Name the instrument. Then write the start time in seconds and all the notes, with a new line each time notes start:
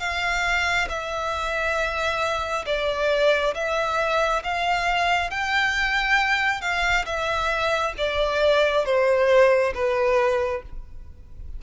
violin
0.00 F5
0.89 E5
2.66 D5
3.55 E5
4.44 F5
5.31 G5
6.61 F5
7.06 E5
7.98 D5
8.86 C5
9.75 B4